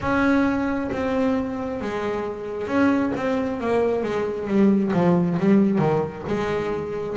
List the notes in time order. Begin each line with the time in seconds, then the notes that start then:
0.00 C#4
0.91 C4
1.81 G#3
2.67 C#4
3.15 C4
3.60 A#3
4.03 G#3
4.47 G3
4.93 F3
5.39 G3
5.78 D#3
6.27 G#3